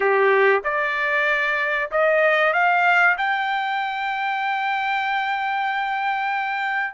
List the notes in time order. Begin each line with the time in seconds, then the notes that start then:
0.00 G4
0.63 D5
1.91 D#5
2.53 F5
3.18 G5